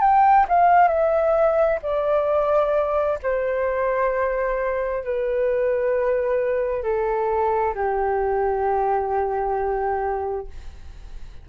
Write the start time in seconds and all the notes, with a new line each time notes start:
0.00 G5
0.48 F5
0.88 E5
1.82 D5
3.22 C5
5.04 B4
6.83 A4
7.74 G4